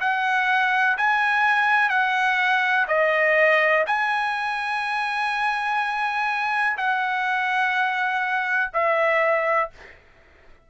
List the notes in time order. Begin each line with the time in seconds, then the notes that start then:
0.00 F#5
0.97 G#5
1.89 F#5
2.88 D#5
3.87 G#5
6.77 F#5
8.73 E5